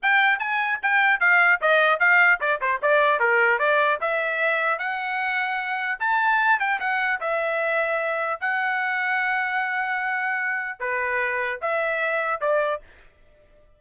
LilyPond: \new Staff \with { instrumentName = "trumpet" } { \time 4/4 \tempo 4 = 150 g''4 gis''4 g''4 f''4 | dis''4 f''4 d''8 c''8 d''4 | ais'4 d''4 e''2 | fis''2. a''4~ |
a''8 g''8 fis''4 e''2~ | e''4 fis''2.~ | fis''2. b'4~ | b'4 e''2 d''4 | }